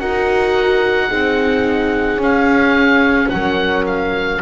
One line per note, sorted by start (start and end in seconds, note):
0.00 1.12 D#4
0.00 1.10 F#4
0.00 1.08 A#4
0.00 2.22 F#5
1.08 2.17 C4
1.08 2.21 D#4
1.08 3.30 G#4
2.17 3.28 C#4
2.17 4.42 C#4
2.17 3.30 F5
3.30 4.42 F#3
3.30 4.42 A#4
3.30 3.85 F#5
3.87 4.42 F5